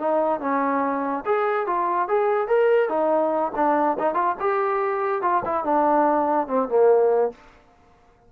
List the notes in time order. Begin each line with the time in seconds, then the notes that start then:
0.00 D#4
0.41 C#4
1.26 G#4
1.67 F4
2.09 G#4
2.48 A#4
2.90 D#4
3.56 D4
3.99 D#4
4.15 F4
4.40 G4
5.22 F4
5.46 E4
5.65 D4
6.48 C4
6.69 A#3